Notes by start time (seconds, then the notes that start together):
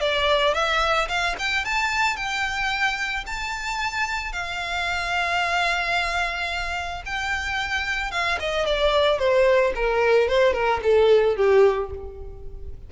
0.00 D5
0.54 E5
1.08 F5
1.38 G5
1.64 A5
2.16 G5
3.26 A5
4.32 F5
7.05 G5
8.11 F5
8.39 D#5
8.66 D5
9.18 C5
9.75 A#4
10.28 C5
10.53 A#4
10.83 A4
11.36 G4